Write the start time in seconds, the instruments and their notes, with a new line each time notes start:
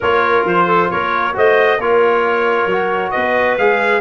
0.00 tuba A#3, trombone F4, clarinet A#4, trumpet C#5
0.44 tuba F3, trumpet C5
0.66 clarinet A4
0.90 tuba A#3, clarinet A#4, trumpet C#5
1.33 tuba A3, trombone F#4, clarinet C5, trumpet D#5
1.78 tuba A#3, trombone F4, clarinet A#4, trumpet C#5
2.66 tuba F#3, trombone F#4
3.11 tuba B3, clarinet B4, trumpet D#5
3.58 tuba G#3, trombone G#4, trumpet F5